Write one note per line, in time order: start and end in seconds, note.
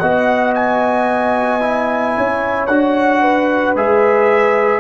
0.00 2.17 B3
0.00 1.62 F#4
0.00 2.15 D#5
0.00 0.54 F#5
0.55 2.67 G#5
1.62 2.69 E4
2.17 2.68 C#4
2.17 3.22 C#5
2.67 3.75 D4
2.67 3.77 F#4
2.67 3.74 F#5
3.22 4.80 B4
3.75 4.80 G#3
3.75 4.80 G#4
3.75 4.80 E5